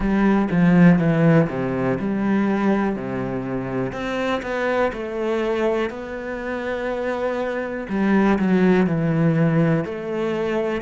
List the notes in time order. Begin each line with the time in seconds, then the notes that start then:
0.00 G3
0.50 F3
0.98 E3
1.49 C3
1.99 G3
2.96 C3
3.92 C4
4.42 B3
4.92 A3
5.90 B3
7.89 G3
8.38 F#3
8.86 E3
9.84 A3